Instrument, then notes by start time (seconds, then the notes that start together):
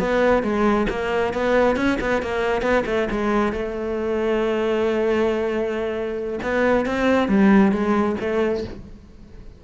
cello
0.00 B3
0.44 G#3
0.90 A#3
1.34 B3
1.77 C#4
2.01 B3
2.23 A#3
2.62 B3
2.87 A3
3.11 G#3
3.53 A3
6.43 B3
6.86 C4
7.29 G3
7.72 G#3
8.21 A3